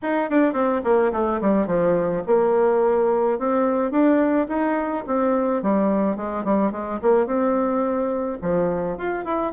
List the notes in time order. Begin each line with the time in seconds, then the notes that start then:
0.02 D#4
0.30 D4
0.53 C4
0.84 A#3
1.12 A3
1.41 G3
1.66 F3
2.27 A#3
3.38 C4
3.91 D4
4.48 D#4
5.06 C4
5.62 G3
6.16 G#3
6.44 G3
6.71 G#3
7.02 A#3
7.26 C4
8.41 F3
8.97 F4
9.24 E4